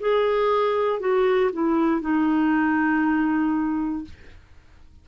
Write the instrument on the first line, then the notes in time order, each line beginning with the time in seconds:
clarinet
0.00 G#4
1.00 F#4
1.53 E4
2.02 D#4